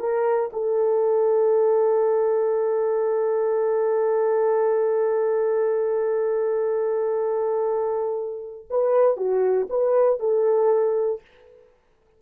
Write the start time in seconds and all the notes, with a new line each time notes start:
0.00 A#4
0.53 A4
8.70 B4
9.17 F#4
9.70 B4
10.20 A4